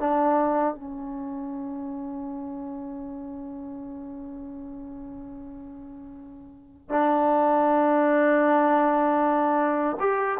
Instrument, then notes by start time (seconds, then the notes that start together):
trombone
0.00 D4
0.75 C#4
6.90 D4
10.00 G4